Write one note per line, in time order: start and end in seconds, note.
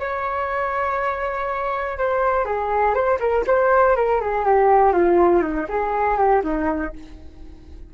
0.00 1.98 C#5
1.98 2.45 C5
2.45 2.94 G#4
2.94 3.19 C5
3.20 3.44 A#4
3.47 3.96 C5
3.96 4.21 A#4
4.21 4.45 G#4
4.45 4.93 G4
4.93 5.42 F4
5.42 5.67 D#4
5.69 6.18 G#4
6.18 6.42 G4
6.44 6.93 D#4